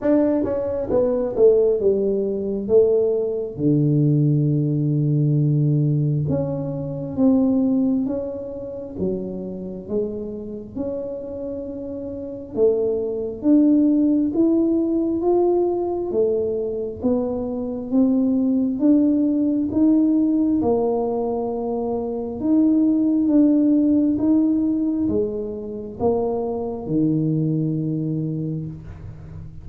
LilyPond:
\new Staff \with { instrumentName = "tuba" } { \time 4/4 \tempo 4 = 67 d'8 cis'8 b8 a8 g4 a4 | d2. cis'4 | c'4 cis'4 fis4 gis4 | cis'2 a4 d'4 |
e'4 f'4 a4 b4 | c'4 d'4 dis'4 ais4~ | ais4 dis'4 d'4 dis'4 | gis4 ais4 dis2 | }